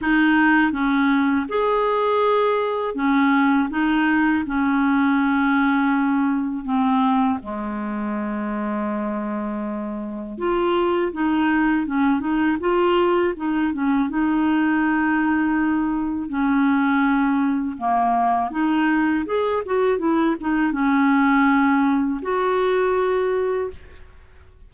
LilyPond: \new Staff \with { instrumentName = "clarinet" } { \time 4/4 \tempo 4 = 81 dis'4 cis'4 gis'2 | cis'4 dis'4 cis'2~ | cis'4 c'4 gis2~ | gis2 f'4 dis'4 |
cis'8 dis'8 f'4 dis'8 cis'8 dis'4~ | dis'2 cis'2 | ais4 dis'4 gis'8 fis'8 e'8 dis'8 | cis'2 fis'2 | }